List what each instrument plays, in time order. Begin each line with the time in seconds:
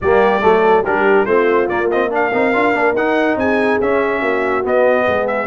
0.01 tuba G3, trombone A#3, horn G4, trumpet D5
0.40 tuba F#3, trombone A3, horn A4
0.83 tuba G3, trombone D4, horn G4, trumpet A#4
1.25 tuba A3, trombone C4, horn F4, trumpet C5
1.68 trombone A#3, tuba A#3, trumpet D5
1.90 trombone C4, trumpet D#5
2.10 trombone D4, horn A#4, trumpet F5
2.33 tuba C4, trombone D#4
2.53 tuba D4, trombone F4
2.73 tuba A#3, trombone D4
2.93 tuba D#4, trombone D#4, trumpet F#5
3.36 tuba C4, horn G#4, trumpet G#5
3.80 tuba C#4, trombone C#4, trumpet E5
4.19 tuba A#3, horn F#4
4.63 trombone B3, tuba B3, trumpet D#5
5.05 tuba G#3, horn G#4
5.27 trumpet E5